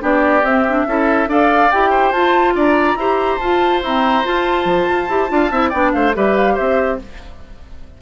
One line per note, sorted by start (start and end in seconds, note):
0.00 0.43 B3
0.00 0.42 D4
0.00 0.87 G4
0.00 0.46 D5
0.43 0.85 C4
0.43 0.67 C4
0.43 1.30 E5
0.68 0.88 D4
0.87 1.27 C#4
0.87 1.28 E4
0.87 1.29 A4
1.27 1.70 D4
1.27 1.71 A4
1.27 1.90 D5
1.27 1.71 F5
1.71 2.12 E4
1.71 2.15 G4
1.71 2.12 G5
1.90 2.54 C5
2.12 2.55 F4
2.12 2.98 F4
2.12 2.54 A5
2.55 2.96 D4
2.55 2.98 D5
2.55 3.38 A#5
2.96 3.38 E4
2.96 3.41 G4
2.96 5.32 C5
3.38 3.83 F4
3.38 3.85 F4
3.38 3.81 A5
3.83 4.24 C4
3.83 4.25 E4
3.83 4.26 A#5
4.24 5.08 F4
4.24 4.65 F4
4.24 5.70 A5
4.65 4.86 F3
4.90 5.09 F4
5.09 5.30 E4
5.09 5.29 G4
5.29 5.51 D4
5.29 5.50 F4
5.29 5.52 F5
5.51 5.72 C4
5.51 5.73 E4
5.51 5.70 E5
5.70 5.94 B3
5.70 6.15 D4
5.70 5.91 D5
5.70 5.91 G5
5.93 6.15 A3
5.93 6.16 C5
5.93 6.14 F5
6.15 6.58 G3
6.15 6.99 G4
6.15 6.54 B4
6.15 6.37 E5
6.37 6.57 F5
6.54 7.02 C4
6.54 6.96 C5
6.54 7.00 E5